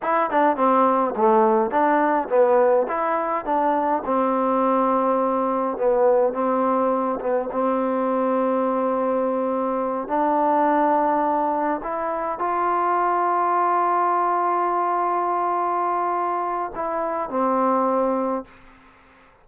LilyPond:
\new Staff \with { instrumentName = "trombone" } { \time 4/4 \tempo 4 = 104 e'8 d'8 c'4 a4 d'4 | b4 e'4 d'4 c'4~ | c'2 b4 c'4~ | c'8 b8 c'2.~ |
c'4. d'2~ d'8~ | d'8 e'4 f'2~ f'8~ | f'1~ | f'4 e'4 c'2 | }